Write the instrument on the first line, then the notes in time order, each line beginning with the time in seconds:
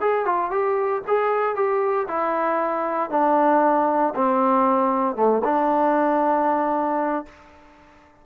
trombone
0.00 G#4
0.25 F4
0.50 G4
1.07 G#4
1.55 G4
2.08 E4
3.10 D4
4.14 C4
5.16 A3
5.44 D4